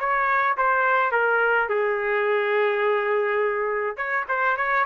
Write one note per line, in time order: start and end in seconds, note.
0.00 0.57 C#5
0.58 1.12 C5
1.12 1.69 A#4
1.69 3.97 G#4
3.97 4.25 C#5
4.29 4.57 C5
4.57 4.85 C#5